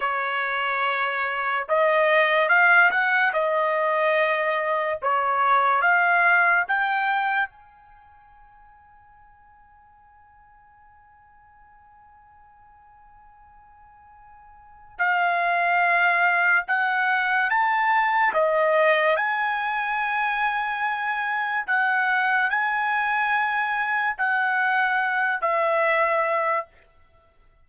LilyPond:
\new Staff \with { instrumentName = "trumpet" } { \time 4/4 \tempo 4 = 72 cis''2 dis''4 f''8 fis''8 | dis''2 cis''4 f''4 | g''4 gis''2.~ | gis''1~ |
gis''2 f''2 | fis''4 a''4 dis''4 gis''4~ | gis''2 fis''4 gis''4~ | gis''4 fis''4. e''4. | }